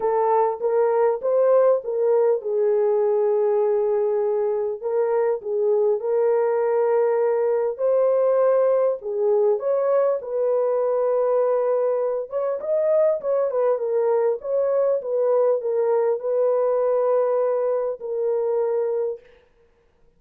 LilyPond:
\new Staff \with { instrumentName = "horn" } { \time 4/4 \tempo 4 = 100 a'4 ais'4 c''4 ais'4 | gis'1 | ais'4 gis'4 ais'2~ | ais'4 c''2 gis'4 |
cis''4 b'2.~ | b'8 cis''8 dis''4 cis''8 b'8 ais'4 | cis''4 b'4 ais'4 b'4~ | b'2 ais'2 | }